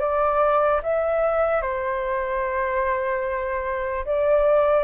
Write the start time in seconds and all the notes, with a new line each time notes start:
0.00 D5
0.83 E5
1.62 C5
4.05 D5